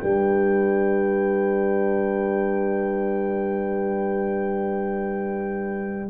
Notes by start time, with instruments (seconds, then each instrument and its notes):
0.00 tuba G3, trombone D4, horn B4, trumpet G5